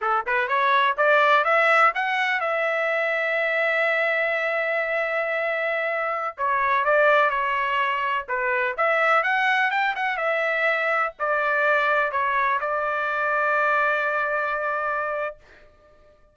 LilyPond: \new Staff \with { instrumentName = "trumpet" } { \time 4/4 \tempo 4 = 125 a'8 b'8 cis''4 d''4 e''4 | fis''4 e''2.~ | e''1~ | e''4~ e''16 cis''4 d''4 cis''8.~ |
cis''4~ cis''16 b'4 e''4 fis''8.~ | fis''16 g''8 fis''8 e''2 d''8.~ | d''4~ d''16 cis''4 d''4.~ d''16~ | d''1 | }